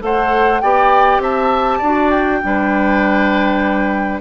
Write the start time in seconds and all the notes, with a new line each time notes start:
0.00 A3 A4 C5 F#5
0.61 B3 G4 D5 G5
1.19 C4 E5 A5
1.79 D4 F#4 D5
2.10 G5
2.42 G3 D4 B4